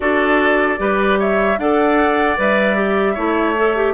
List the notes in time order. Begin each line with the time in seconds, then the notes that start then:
0.00 D4 F#4 A4 D5
0.77 G3 G4 B4
1.19 C#5 E5
1.57 D4 A4 D5 F#5
2.37 G3 B4 E5
2.75 G4
3.14 A3 E4 C#5
3.56 A4
3.75 G4